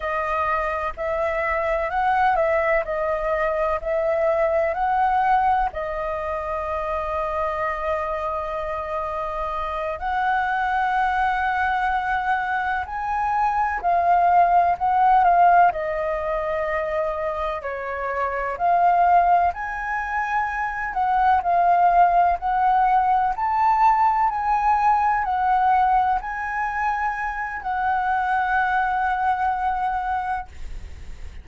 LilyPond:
\new Staff \with { instrumentName = "flute" } { \time 4/4 \tempo 4 = 63 dis''4 e''4 fis''8 e''8 dis''4 | e''4 fis''4 dis''2~ | dis''2~ dis''8 fis''4.~ | fis''4. gis''4 f''4 fis''8 |
f''8 dis''2 cis''4 f''8~ | f''8 gis''4. fis''8 f''4 fis''8~ | fis''8 a''4 gis''4 fis''4 gis''8~ | gis''4 fis''2. | }